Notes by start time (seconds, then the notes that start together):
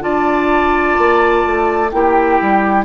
0.00 D4 F4 D5 A5
0.98 A#3
1.46 A3
1.91 A#3 E4 G4 G5
2.41 G3